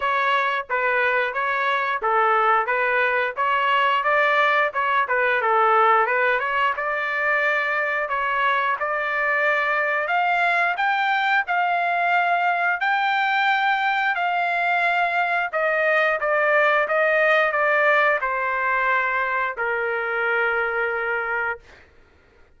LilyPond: \new Staff \with { instrumentName = "trumpet" } { \time 4/4 \tempo 4 = 89 cis''4 b'4 cis''4 a'4 | b'4 cis''4 d''4 cis''8 b'8 | a'4 b'8 cis''8 d''2 | cis''4 d''2 f''4 |
g''4 f''2 g''4~ | g''4 f''2 dis''4 | d''4 dis''4 d''4 c''4~ | c''4 ais'2. | }